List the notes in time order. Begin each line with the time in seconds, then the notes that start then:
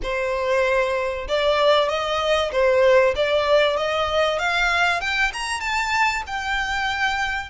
0.02 C5
1.28 D5
1.88 D#5
2.52 C5
3.15 D5
3.76 D#5
4.39 F5
5.01 G5
5.33 A#5
5.60 A5
6.26 G5